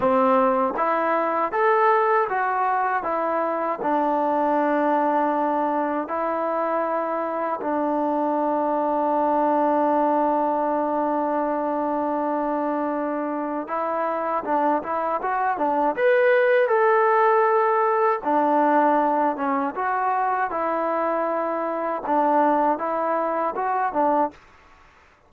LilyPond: \new Staff \with { instrumentName = "trombone" } { \time 4/4 \tempo 4 = 79 c'4 e'4 a'4 fis'4 | e'4 d'2. | e'2 d'2~ | d'1~ |
d'2 e'4 d'8 e'8 | fis'8 d'8 b'4 a'2 | d'4. cis'8 fis'4 e'4~ | e'4 d'4 e'4 fis'8 d'8 | }